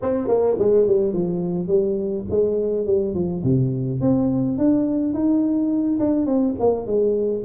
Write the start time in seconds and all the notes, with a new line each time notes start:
0.02 C4
0.27 A#3
0.58 G#3
0.86 G3
1.13 F3
1.67 G3
2.30 G#3
2.85 G3
3.14 F3
3.43 C3
4.01 C4
4.58 D4
5.13 D#4
5.99 D4
6.25 C4
6.59 A#3
6.86 G#3